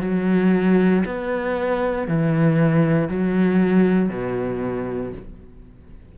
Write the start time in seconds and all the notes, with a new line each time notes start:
0.00 F#3
1.05 B3
2.07 E3
3.08 F#3
4.09 B2